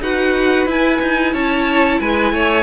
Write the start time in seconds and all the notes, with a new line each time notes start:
0.00 D#4 F#4 B4 F#5
0.66 E4 G#5
1.01 D#4
1.33 C#4 C#5 A5
2.00 G#3 B4 G#5
2.32 A3 C#5